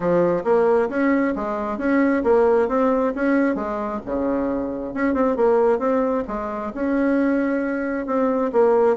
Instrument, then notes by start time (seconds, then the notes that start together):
bassoon
0.00 F3
0.44 A#3
0.89 C#4
1.35 G#3
1.78 C#4
2.23 A#3
2.68 C4
3.15 C#4
3.55 G#3
4.05 C#3
4.94 C#4
5.14 C4
5.36 A#3
5.79 C4
6.27 G#3
6.74 C#4
8.06 C4
8.52 A#3